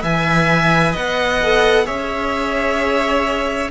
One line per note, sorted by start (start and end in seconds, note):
0.00 0.95 E3
0.00 1.38 B4
0.00 0.92 E5
0.00 0.96 G#5
0.92 1.89 B3
0.92 1.84 D#5
0.92 1.87 F#5
1.43 1.85 A4
1.85 3.71 C#4
1.85 3.70 G#4
1.85 3.71 C#5
1.85 3.71 E5